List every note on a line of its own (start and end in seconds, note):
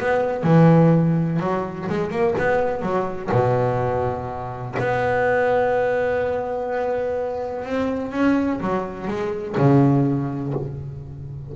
0.00 0.44 B3
0.44 1.40 E3
1.40 1.88 F#3
1.89 2.11 G#3
2.11 2.35 A#3
2.39 2.83 B3
2.83 3.31 F#3
3.32 4.76 B2
4.79 7.65 B3
7.65 8.12 C4
8.12 8.60 C#4
8.61 9.08 F#3
9.08 9.56 G#3
9.58 10.54 C#3